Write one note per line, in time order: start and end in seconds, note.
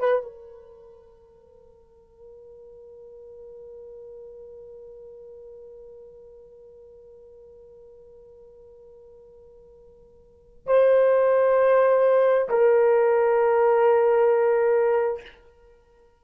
0.00 0.22 B4
0.22 10.67 A#4
10.67 12.49 C5
12.50 15.22 A#4